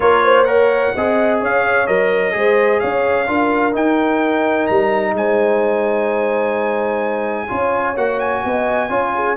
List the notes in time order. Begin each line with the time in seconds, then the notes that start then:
0.00 A#3 F4 A#4 C#5
0.24 C5
0.44 A#4 C#5 F#5
0.95 C4 G#4 D#5
1.40 C#4 C#5 F5
1.87 F#3 A#4 D#5
2.31 G#3 G#4 C5
2.79 C#4 C#5 F5
3.27 D4 F4 A#4
3.72 D#4 G5
4.66 G3 A#5
5.13 G#3 C5 G#5
7.48 C#4 F4 C#5
7.96 A#3 F#4 F#5
8.19 G#5
8.44 B3 D#5
8.89 C#4 F4 C#5
9.14 G#4